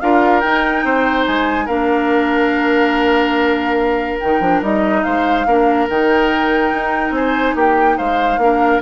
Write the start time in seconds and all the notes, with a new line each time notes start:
0.00 D4 F4 A#4 F5
0.40 D#4 G5
0.84 C4 C5
1.26 G#3 G#5
1.65 A#3 D4 A#4 F5
4.19 D#3 D#4 G5
4.40 F3 D4
4.61 G3 D#4 D#5
5.03 G#3 C5 F5
5.45 A#3 D4 A#4
5.89 D#3 D#4 G5
6.72 D#4
7.10 C4 C5 G#5
7.55 A#3 G4 G5
7.97 G#3 C5 F5
8.37 A#3 D4 A#4